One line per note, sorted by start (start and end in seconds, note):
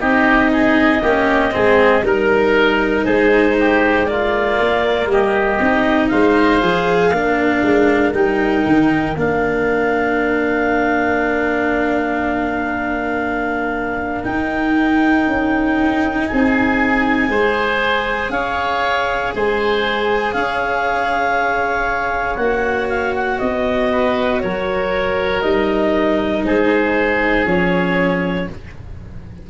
0.00 1.02 C4
0.00 1.02 D#4
0.00 0.51 G4
0.00 2.04 D#5
0.53 1.03 G#4
1.02 1.53 A#3
1.02 1.51 C#4
1.02 1.53 G4
1.51 2.03 G#3
1.51 2.02 C4
1.51 2.05 G#4
2.03 3.04 G3
2.03 4.07 D#4
2.03 3.04 A#4
2.03 3.05 A#4
3.04 4.59 G#3
3.04 3.56 G#4
3.04 4.06 C5
3.60 4.11 G4
4.06 5.60 A#3
4.06 5.12 F4
4.06 5.08 D5
4.61 5.06 A#3
5.06 5.57 G3
5.06 6.11 G4
5.06 6.08 D#5
5.60 6.11 C4
5.60 6.62 D#4
6.08 6.62 G#3
6.08 7.10 C5
6.08 8.12 F5
6.62 7.11 F3
6.62 7.13 G#4
7.10 7.62 A#3
7.10 8.14 D4
7.10 16.25 A#4
7.62 8.13 G#3
8.13 8.64 G3
8.13 9.16 D#4
8.13 9.16 G5
8.66 9.16 D#3
9.16 14.24 A#3
9.16 14.24 D4
9.16 14.24 F5
14.24 17.29 D#4
14.24 15.27 D#4
14.24 16.27 G5
15.27 16.29 C#4
16.27 17.29 C4
16.27 17.30 G#4
16.27 18.31 G#5
17.29 18.29 G#3
17.29 22.37 G#4
17.29 18.32 C5
18.29 19.31 C#4
18.29 19.34 C#5
18.29 19.32 F5
19.35 20.34 G#3
19.35 20.35 C5
19.35 20.33 G#5
20.33 22.37 C#4
20.33 23.91 C#5
20.33 22.36 F5
22.36 23.39 A#3
22.36 25.43 F#4
22.36 22.86 F#5
22.89 23.14 F5
23.15 23.39 F#5
23.39 24.43 B3
23.39 24.40 D#5
23.91 24.42 B4
24.40 25.43 F#3
24.40 26.46 A#4
24.40 25.42 C#5
25.42 26.44 G3
25.42 27.46 D#4
25.42 26.43 D#5
26.44 27.45 G#3
26.44 28.49 G#4
26.44 27.46 C5
27.45 28.47 F3
27.45 28.47 C#4
27.45 28.50 C#5